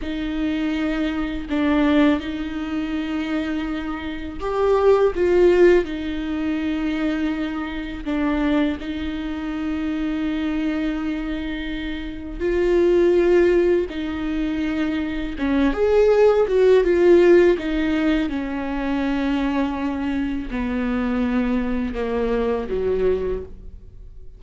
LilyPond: \new Staff \with { instrumentName = "viola" } { \time 4/4 \tempo 4 = 82 dis'2 d'4 dis'4~ | dis'2 g'4 f'4 | dis'2. d'4 | dis'1~ |
dis'4 f'2 dis'4~ | dis'4 cis'8 gis'4 fis'8 f'4 | dis'4 cis'2. | b2 ais4 fis4 | }